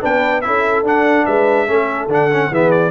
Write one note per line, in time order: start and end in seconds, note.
0.00 0.46 B3
0.00 0.43 D4
0.00 0.41 B4
0.00 0.41 G5
0.41 0.83 C#4
0.41 0.85 E4
0.41 1.26 A4
0.41 0.83 E5
0.83 1.24 D4
0.83 1.68 D4
0.83 1.26 F#5
1.26 1.69 G#3
1.26 1.67 B4
1.26 2.09 E5
1.68 2.08 A3
1.68 2.09 C#4
1.68 2.51 A4
2.08 2.49 D3
2.08 2.30 D4
2.08 2.54 F#5
2.31 2.52 C#4
2.51 2.91 E3
2.51 2.91 B3
2.51 2.91 G#4
2.51 2.71 E5
2.71 2.91 D5